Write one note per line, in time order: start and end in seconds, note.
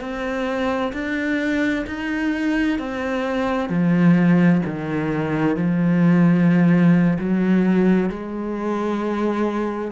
0.00 0.92 C4
0.93 1.85 D4
1.87 2.79 D#4
2.79 3.69 C4
3.69 4.62 F3
4.65 5.56 D#3
5.56 7.17 F3
7.19 8.09 F#3
8.09 9.91 G#3